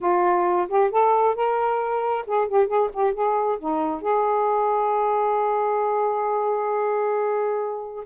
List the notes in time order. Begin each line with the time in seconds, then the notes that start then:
0.01 F4
0.68 G4
0.91 A4
1.35 A#4
2.26 G#4
2.48 G4
2.67 G#4
2.93 G4
3.13 G#4
3.58 D#4
4.01 G#4